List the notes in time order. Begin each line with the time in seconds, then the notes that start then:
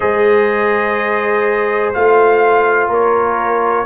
0.00 G#3 G#4 C5 D#5
1.93 A3 F4 F5
2.87 A#3 A#4 C#5